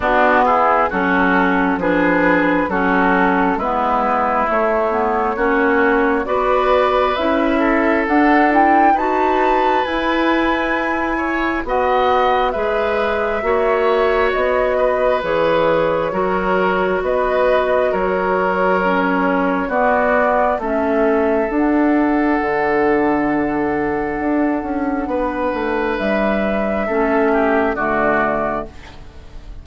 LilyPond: <<
  \new Staff \with { instrumentName = "flute" } { \time 4/4 \tempo 4 = 67 fis'8 gis'8 a'4 b'4 a'4 | b'4 cis''2 d''4 | e''4 fis''8 g''8 a''4 gis''4~ | gis''4 fis''4 e''2 |
dis''4 cis''2 dis''4 | cis''2 d''4 e''4 | fis''1~ | fis''4 e''2 d''4 | }
  \new Staff \with { instrumentName = "oboe" } { \time 4/4 d'8 e'8 fis'4 gis'4 fis'4 | e'2 fis'4 b'4~ | b'8 a'4. b'2~ | b'8 cis''8 dis''4 b'4 cis''4~ |
cis''8 b'4. ais'4 b'4 | ais'2 fis'4 a'4~ | a'1 | b'2 a'8 g'8 fis'4 | }
  \new Staff \with { instrumentName = "clarinet" } { \time 4/4 b4 cis'4 d'4 cis'4 | b4 a8 b8 cis'4 fis'4 | e'4 d'8 e'8 fis'4 e'4~ | e'4 fis'4 gis'4 fis'4~ |
fis'4 gis'4 fis'2~ | fis'4 cis'4 b4 cis'4 | d'1~ | d'2 cis'4 a4 | }
  \new Staff \with { instrumentName = "bassoon" } { \time 4/4 b4 fis4 f4 fis4 | gis4 a4 ais4 b4 | cis'4 d'4 dis'4 e'4~ | e'4 b4 gis4 ais4 |
b4 e4 fis4 b4 | fis2 b4 a4 | d'4 d2 d'8 cis'8 | b8 a8 g4 a4 d4 | }
>>